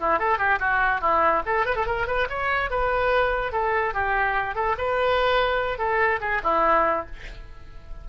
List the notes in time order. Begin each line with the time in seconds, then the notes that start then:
0.00 E4
0.19 A4
0.38 G4
0.59 F#4
1.01 E4
1.46 A4
1.66 B4
1.76 A4
1.86 A#4
2.07 B4
2.29 C#5
2.70 B4
3.52 A4
3.94 G4
4.55 A4
4.78 B4
5.78 A4
6.21 G#4
6.44 E4